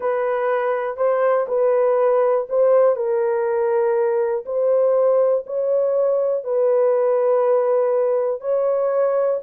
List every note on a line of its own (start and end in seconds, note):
0.00 0.97 B4
0.97 1.46 C5
1.48 2.47 B4
2.49 2.96 C5
2.96 4.44 A#4
4.45 5.44 C5
5.46 6.44 C#5
6.44 8.40 B4
8.40 9.40 C#5